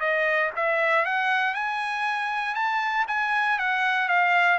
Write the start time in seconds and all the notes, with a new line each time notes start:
0.00 D#5
0.56 E5
1.05 F#5
1.54 G#5
2.55 A5
3.08 G#5
3.59 F#5
4.08 F5